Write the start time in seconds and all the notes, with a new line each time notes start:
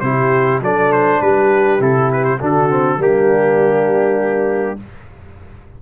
0.00 C3 E4 G4 C5
0.61 F#3 D4 A4 D5
0.92 C5
1.21 G3 G4 B4
1.80 C3 E4 A4
2.12 B4
2.24 C5
2.40 D3 D4 F#4 A4
2.69 C4
2.97 G3 A#3 G4
3.04 D4